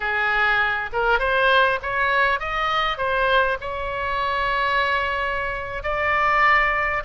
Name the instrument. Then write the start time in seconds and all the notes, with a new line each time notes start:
oboe
0.00 G#4
0.92 A#4
1.19 C5
1.82 C#5
2.39 D#5
2.97 C5
3.60 C#5
5.83 D5